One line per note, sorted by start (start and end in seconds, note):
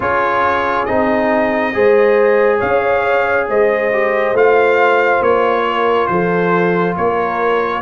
0.00 0.87 C#4
0.00 0.87 F4
0.00 1.73 G#4
0.00 0.85 C#5
0.85 1.74 C4
0.85 1.73 D#4
0.85 2.59 D#5
1.73 2.61 G#3
1.73 3.90 G#4
1.73 2.58 C5
2.58 3.48 C#4
2.58 3.45 C#5
2.58 3.47 F5
3.48 4.32 G#3
3.48 5.65 C5
3.48 4.37 D#5
3.92 4.35 G4
4.32 5.19 A3
4.32 7.82 F4
4.32 5.22 F5
5.20 6.07 A#3
5.20 6.06 C#5
5.67 6.10 A#4
6.06 6.96 F3
6.06 6.96 A4
6.06 6.93 C5
6.96 7.82 A#3
6.96 7.82 A#4
6.96 7.82 C#5